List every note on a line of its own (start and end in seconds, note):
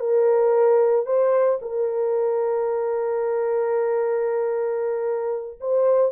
0.00 1.06 A#4
1.06 1.59 C5
1.61 5.59 A#4
5.60 6.12 C5